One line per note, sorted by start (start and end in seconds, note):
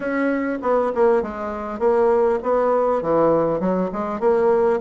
0.00 0.58 C#4
0.62 0.92 B3
0.94 1.22 A#3
1.22 1.79 G#3
1.79 2.39 A#3
2.42 3.02 B3
3.02 3.60 E3
3.60 3.90 F#3
3.92 4.19 G#3
4.19 4.79 A#3